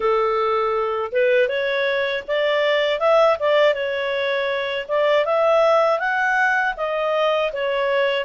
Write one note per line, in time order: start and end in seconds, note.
0.00 1.11 A4
1.11 1.48 B4
1.48 2.23 C#5
2.27 2.99 D5
2.99 3.37 E5
3.39 3.74 D5
3.74 4.86 C#5
4.88 5.25 D5
5.25 5.99 E5
5.99 6.74 F#5
6.76 7.51 D#5
7.52 8.24 C#5